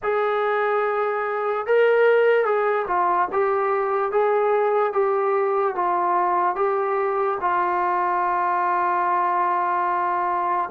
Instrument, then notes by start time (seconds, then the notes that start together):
trombone
0.02 G#4
1.66 A#4
2.45 G#4
2.87 F4
3.32 G4
4.11 G#4
4.92 G4
5.75 F4
6.55 G4
7.40 F4